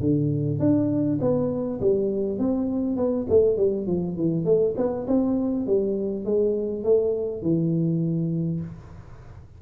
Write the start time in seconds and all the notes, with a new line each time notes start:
0.00 D3
0.59 D4
1.21 B3
1.80 G3
2.38 C4
2.96 B3
3.29 A3
3.57 G3
3.87 F3
4.16 E3
4.45 A3
4.77 B3
5.07 C4
5.66 G3
6.25 G#3
6.83 A3
7.42 E3